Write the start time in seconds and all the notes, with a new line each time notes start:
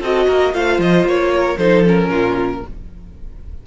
0.00 C4 F#4 A4 D#5
0.27 A#3 A#4
0.52 A3 F4 C5 F5
0.78 F3 D#5
1.03 A#3 C#5
1.34 A#4
1.57 F3 D#4 A4 C5
1.85 C#4 A#4
2.09 A#2 F4